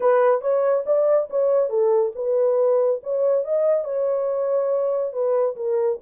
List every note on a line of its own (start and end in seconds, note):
0.00 0.41 B4
0.41 0.84 C#5
0.86 1.28 D5
1.30 1.69 C#5
1.69 2.12 A4
2.15 3.00 B4
3.03 3.44 C#5
3.44 3.84 D#5
3.84 5.12 C#5
5.12 5.55 B4
5.56 5.98 A#4